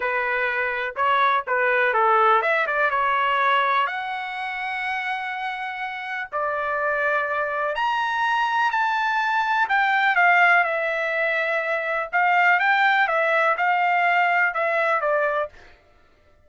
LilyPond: \new Staff \with { instrumentName = "trumpet" } { \time 4/4 \tempo 4 = 124 b'2 cis''4 b'4 | a'4 e''8 d''8 cis''2 | fis''1~ | fis''4 d''2. |
ais''2 a''2 | g''4 f''4 e''2~ | e''4 f''4 g''4 e''4 | f''2 e''4 d''4 | }